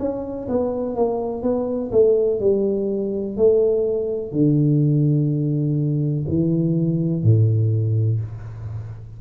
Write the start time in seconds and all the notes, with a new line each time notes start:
0.00 C#4
0.49 B3
0.96 A#3
1.43 B3
1.92 A3
2.41 G3
3.37 A3
4.32 D3
6.29 E3
7.24 A2